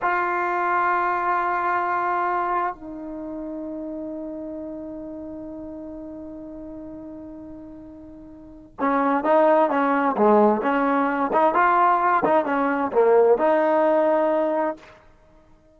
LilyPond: \new Staff \with { instrumentName = "trombone" } { \time 4/4 \tempo 4 = 130 f'1~ | f'2 dis'2~ | dis'1~ | dis'1~ |
dis'2. cis'4 | dis'4 cis'4 gis4 cis'4~ | cis'8 dis'8 f'4. dis'8 cis'4 | ais4 dis'2. | }